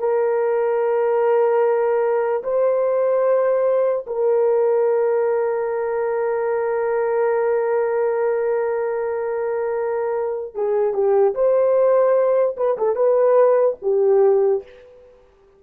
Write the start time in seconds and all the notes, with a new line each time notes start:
0.00 A#4
2.44 C5
4.07 A#4
10.55 G#4
10.94 G4
11.35 C5
12.57 B4
12.78 A4
12.96 B4
13.82 G4